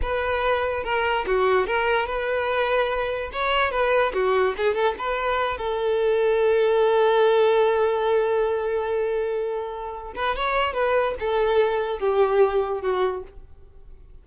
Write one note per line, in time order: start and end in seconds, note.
0.02 0.83 B4
0.83 1.25 A#4
1.26 1.66 F#4
1.66 2.06 A#4
2.06 3.30 B4
3.32 3.71 C#5
3.71 4.12 B4
4.13 4.55 F#4
4.57 4.74 G#4
4.74 4.94 A4
4.98 5.57 B4
5.57 10.12 A4
10.15 10.35 B4
10.36 10.73 C#5
10.73 11.14 B4
11.19 11.99 A4
11.99 12.81 G4
12.81 13.23 F#4